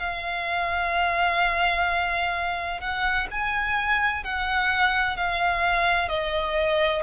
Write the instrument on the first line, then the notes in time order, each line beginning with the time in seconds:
violin
0.00 F5
2.81 F#5
3.32 G#5
4.24 F#5
5.17 F5
6.09 D#5